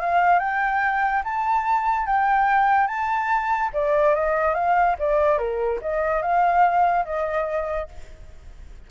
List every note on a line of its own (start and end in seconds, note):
0.00 0.39 F5
0.39 1.22 G5
1.24 2.06 A5
2.06 2.87 G5
2.87 3.70 A5
3.73 4.15 D5
4.15 4.54 D#5
4.54 4.96 F5
4.99 5.38 D5
5.38 5.79 A#4
5.81 6.22 D#5
6.22 7.05 F5
7.05 7.88 D#5